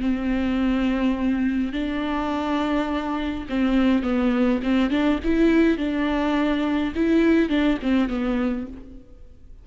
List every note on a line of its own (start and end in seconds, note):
0.00 1.72 C4
1.72 3.45 D4
3.49 4.03 C4
4.03 4.60 B3
4.63 4.90 C4
4.90 5.19 D4
5.24 5.77 E4
5.77 6.93 D4
6.95 7.49 E4
7.49 7.78 D4
7.82 8.08 C4
8.08 8.66 B3